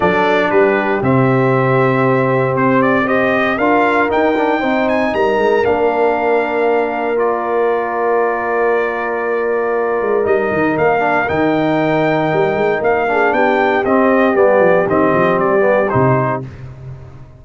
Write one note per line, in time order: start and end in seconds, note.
0.00 0.50 F#3
0.00 1.02 D4
0.00 0.49 A4
0.00 0.50 D5
0.50 1.02 G3
0.50 3.07 G4
0.50 1.01 B4
1.02 2.55 C3
1.02 3.05 C4
1.02 2.56 E5
2.55 3.58 C4
2.55 2.81 C5
2.81 3.07 D5
3.05 3.57 G4
3.05 3.57 C5
3.05 3.58 D#5
3.57 4.09 D4
3.57 4.09 F4
3.57 4.60 A#4
3.57 4.09 F5
4.09 4.35 D#4
4.09 4.62 D#4
4.09 4.88 G5
4.36 4.61 D4
4.60 5.13 C4
4.60 5.63 D#4
4.60 5.11 C5
4.88 5.14 G#5
5.13 5.37 G3
5.13 13.08 A#4
5.13 5.64 A#5
5.37 5.63 G#3
5.63 10.01 A#3
5.63 7.16 D4
5.63 7.18 F5
7.16 10.22 F4
7.16 10.26 D5
10.01 10.25 G#3
10.22 10.51 G3
10.22 10.99 D#4
10.22 10.77 D#5
10.51 10.77 D#3
10.77 11.29 A#3
10.77 11.28 F5
10.99 11.24 D4
11.28 12.32 D#3
11.28 13.07 D#4
11.28 12.82 G5
12.32 12.54 G3
12.54 12.80 G#3
12.81 13.32 A#3
12.81 13.33 F5
13.07 13.84 D4
13.07 13.34 G#4
13.32 13.83 B3
13.32 16.42 G4
13.32 13.84 G5
13.84 14.34 C4
13.84 14.35 D#5
14.34 14.60 G3
14.34 14.85 B3
14.34 14.87 D5
14.60 14.85 F3
14.86 15.12 D#3
14.86 15.59 C4
14.86 15.39 D#5
15.14 15.38 F3
15.38 15.90 G3
15.38 15.89 D5
15.59 15.85 B3
15.89 16.45 C3
15.89 16.41 D#4
15.89 16.40 C5